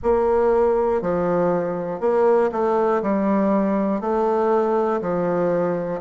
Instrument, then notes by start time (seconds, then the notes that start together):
bassoon
0.03 A#3
1.01 F3
2.00 A#3
2.52 A3
3.02 G3
4.00 A3
5.00 F3